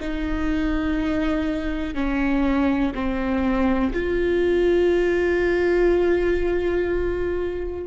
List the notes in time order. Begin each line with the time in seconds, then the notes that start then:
0.00 D#4
1.94 C#4
2.94 C4
3.93 F4